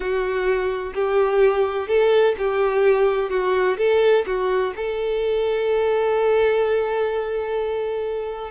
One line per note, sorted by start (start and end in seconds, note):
0.00 0.93 F#4
0.94 1.88 G4
1.88 2.35 A4
2.38 3.29 G4
3.29 3.77 F#4
3.77 4.25 A4
4.26 4.73 F#4
4.76 8.50 A4